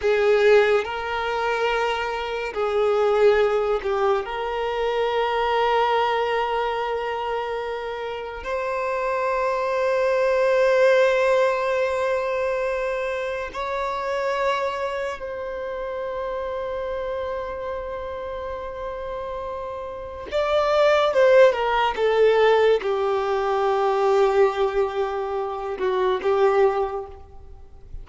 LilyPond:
\new Staff \with { instrumentName = "violin" } { \time 4/4 \tempo 4 = 71 gis'4 ais'2 gis'4~ | gis'8 g'8 ais'2.~ | ais'2 c''2~ | c''1 |
cis''2 c''2~ | c''1 | d''4 c''8 ais'8 a'4 g'4~ | g'2~ g'8 fis'8 g'4 | }